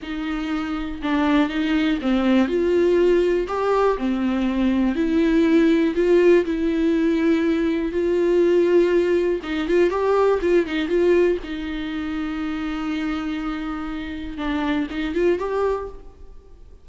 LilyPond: \new Staff \with { instrumentName = "viola" } { \time 4/4 \tempo 4 = 121 dis'2 d'4 dis'4 | c'4 f'2 g'4 | c'2 e'2 | f'4 e'2. |
f'2. dis'8 f'8 | g'4 f'8 dis'8 f'4 dis'4~ | dis'1~ | dis'4 d'4 dis'8 f'8 g'4 | }